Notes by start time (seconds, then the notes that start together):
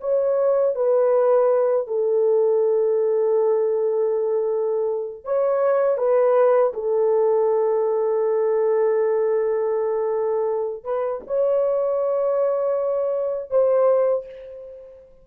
0.00 C#5
0.75 B4
1.87 A4
5.24 C#5
5.97 B4
6.73 A4
10.84 B4
11.26 C#5
13.50 C5